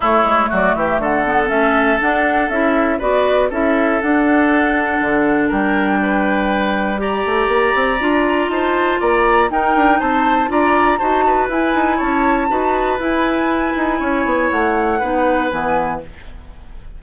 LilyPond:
<<
  \new Staff \with { instrumentName = "flute" } { \time 4/4 \tempo 4 = 120 cis''4 d''8 e''8 fis''4 e''4 | fis''4 e''4 d''4 e''4 | fis''2. g''4~ | g''2 ais''2~ |
ais''4 a''4 ais''4 g''4 | a''4 ais''4 a''4 gis''4 | a''2 gis''2~ | gis''4 fis''2 gis''4 | }
  \new Staff \with { instrumentName = "oboe" } { \time 4/4 e'4 fis'8 g'8 a'2~ | a'2 b'4 a'4~ | a'2. ais'4 | b'2 d''2~ |
d''4 c''4 d''4 ais'4 | c''4 d''4 c''8 b'4. | cis''4 b'2. | cis''2 b'2 | }
  \new Staff \with { instrumentName = "clarinet" } { \time 4/4 a2~ a8 b8 cis'4 | d'4 e'4 fis'4 e'4 | d'1~ | d'2 g'2 |
f'2. dis'4~ | dis'4 f'4 fis'4 e'4~ | e'4 fis'4 e'2~ | e'2 dis'4 b4 | }
  \new Staff \with { instrumentName = "bassoon" } { \time 4/4 a8 gis8 fis8 e8 d4 a4 | d'4 cis'4 b4 cis'4 | d'2 d4 g4~ | g2~ g8 a8 ais8 c'8 |
d'4 dis'4 ais4 dis'8 d'8 | c'4 d'4 dis'4 e'8 dis'8 | cis'4 dis'4 e'4. dis'8 | cis'8 b8 a4 b4 e4 | }
>>